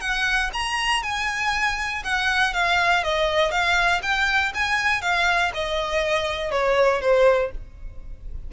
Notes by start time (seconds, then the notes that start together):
0.00 F#5
0.53 A#5
1.02 G#5
2.04 F#5
2.53 F5
3.03 D#5
3.51 F5
4.02 G5
4.54 G#5
5.01 F5
5.54 D#5
6.51 C#5
7.01 C5